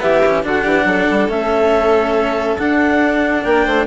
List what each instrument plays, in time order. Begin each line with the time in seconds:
0.00 bassoon E3, cello B3, violin G4, clarinet E5
0.26 cello C#4
0.43 bassoon D3, cello D4, violin F#4, clarinet F#5
0.64 bassoon E3, violin G4
0.85 bassoon F#3, violin A4
1.10 bassoon G3
1.29 bassoon A3, cello C#4, clarinet E5
2.58 cello D4, bassoon D4, clarinet F#5
3.44 bassoon A#3, violin A#4, clarinet G5
3.65 bassoon A3, violin C5